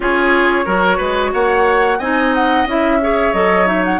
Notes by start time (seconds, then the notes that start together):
0.00 C#4 F4 G#4 C#5
0.65 F#3 F#4 A#4
0.97 G#3 B4
1.33 A#3 C#5 F#5
1.98 C4 D#4 D#5 G#5
2.33 F#5
2.66 C#4 E4 E5
3.01 G#4 C#5
3.33 F#3 A4 D#5
3.65 D#4 E5
3.84 F#5